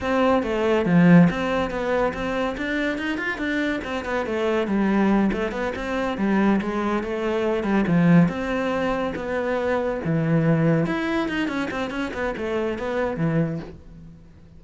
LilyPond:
\new Staff \with { instrumentName = "cello" } { \time 4/4 \tempo 4 = 141 c'4 a4 f4 c'4 | b4 c'4 d'4 dis'8 f'8 | d'4 c'8 b8 a4 g4~ | g8 a8 b8 c'4 g4 gis8~ |
gis8 a4. g8 f4 c'8~ | c'4. b2 e8~ | e4. e'4 dis'8 cis'8 c'8 | cis'8 b8 a4 b4 e4 | }